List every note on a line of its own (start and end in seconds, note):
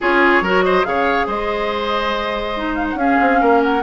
0.01 0.41 C#4
0.01 0.43 F4
0.01 0.43 G#4
0.01 0.63 C#5
0.41 0.83 F#3
0.41 0.83 F#4
0.41 0.64 A#4
0.63 0.86 C5
0.63 0.84 D#5
0.83 1.26 C#3
0.83 2.53 G#4
0.83 1.27 C#5
0.83 1.26 F5
1.26 2.94 G#3
1.26 2.97 C5
1.26 2.75 D#5
2.56 2.99 D#4
2.75 2.85 F5
2.90 3.15 C#4
2.90 2.98 F#5
2.98 3.82 C#4
2.98 3.40 G#4
2.98 3.61 F5
3.20 3.41 C4
3.40 3.82 A#3
3.40 3.82 A#4
3.62 3.82 F#5